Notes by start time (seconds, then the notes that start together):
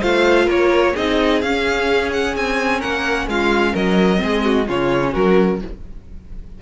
0.00 A3 F4 C5 F5
0.45 A#3 A#4 C#5
0.93 C4 D#4 G#4 D#5
1.41 C#4 F5
2.12 F#5
2.35 C4 G#5
2.79 A#3 A#4 F#5
3.27 G#3 F4 F5
3.73 F#3 A#4 D#5
4.16 G#3 C4
4.23 G#4
4.44 F#4
4.66 C#3 C#4 F4 C#5
5.11 F#3 F#4 A#4